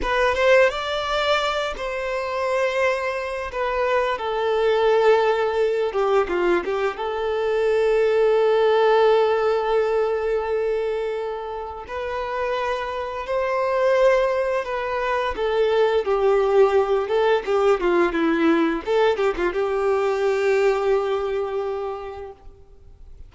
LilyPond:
\new Staff \with { instrumentName = "violin" } { \time 4/4 \tempo 4 = 86 b'8 c''8 d''4. c''4.~ | c''4 b'4 a'2~ | a'8 g'8 f'8 g'8 a'2~ | a'1~ |
a'4 b'2 c''4~ | c''4 b'4 a'4 g'4~ | g'8 a'8 g'8 f'8 e'4 a'8 g'16 f'16 | g'1 | }